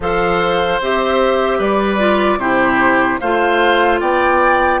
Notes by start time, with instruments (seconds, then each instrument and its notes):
0.00 bassoon F3, clarinet A4, oboe C5, flute F5
0.80 bassoon C4, clarinet G4, flute E5
1.58 bassoon G3, oboe B4, flute D5
1.98 clarinet F4
2.37 bassoon C3, clarinet E4, oboe G4, flute C5
3.20 bassoon A3, clarinet F4, oboe C5, flute F5
4.00 bassoon B3, oboe D5, flute G5